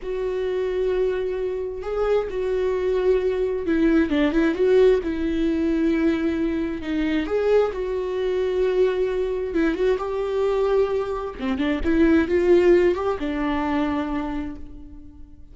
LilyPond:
\new Staff \with { instrumentName = "viola" } { \time 4/4 \tempo 4 = 132 fis'1 | gis'4 fis'2. | e'4 d'8 e'8 fis'4 e'4~ | e'2. dis'4 |
gis'4 fis'2.~ | fis'4 e'8 fis'8 g'2~ | g'4 c'8 d'8 e'4 f'4~ | f'8 g'8 d'2. | }